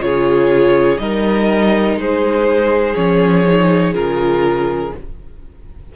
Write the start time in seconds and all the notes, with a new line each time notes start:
0.00 C#3 F4 G#4 C#5
0.98 G3 D#4 A#4 D#5
1.97 G#3 G#4 C5
2.95 F3 C#4 C#5
3.46 D#4
3.94 C#3 F4 A#4